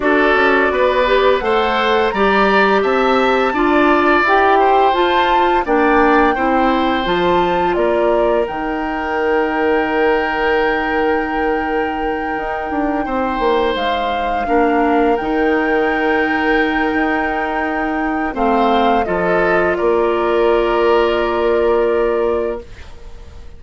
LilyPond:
<<
  \new Staff \with { instrumentName = "flute" } { \time 4/4 \tempo 4 = 85 d''2 fis''4 ais''4 | a''2 g''4 a''4 | g''2 a''4 d''4 | g''1~ |
g''2.~ g''8 f''8~ | f''4. g''2~ g''8~ | g''2 f''4 dis''4 | d''1 | }
  \new Staff \with { instrumentName = "oboe" } { \time 4/4 a'4 b'4 c''4 d''4 | e''4 d''4. c''4. | d''4 c''2 ais'4~ | ais'1~ |
ais'2~ ais'8 c''4.~ | c''8 ais'2.~ ais'8~ | ais'2 c''4 a'4 | ais'1 | }
  \new Staff \with { instrumentName = "clarinet" } { \time 4/4 fis'4. g'8 a'4 g'4~ | g'4 f'4 g'4 f'4 | d'4 e'4 f'2 | dis'1~ |
dis'1~ | dis'8 d'4 dis'2~ dis'8~ | dis'2 c'4 f'4~ | f'1 | }
  \new Staff \with { instrumentName = "bassoon" } { \time 4/4 d'8 cis'8 b4 a4 g4 | c'4 d'4 e'4 f'4 | ais4 c'4 f4 ais4 | dis1~ |
dis4. dis'8 d'8 c'8 ais8 gis8~ | gis8 ais4 dis2~ dis8 | dis'2 a4 f4 | ais1 | }
>>